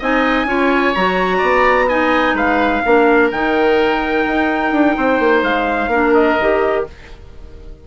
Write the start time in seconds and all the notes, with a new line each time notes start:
0.00 C4 D#4 D#5 G#5
0.45 C#4 F4 C#5
0.95 F#3 F#4 A#5
1.38 B3 D5
1.89 D#4 D#5 G#5
2.34 G#3 B4 F5
2.85 A#3 D4 A#4
3.32 D#3 D#4 G5
4.27 D#4
4.72 D4
4.97 C4 C5
5.20 A#3
5.43 G#3 F5
5.88 A#3 D4 A#4
6.14 D#5
6.40 D#3 G4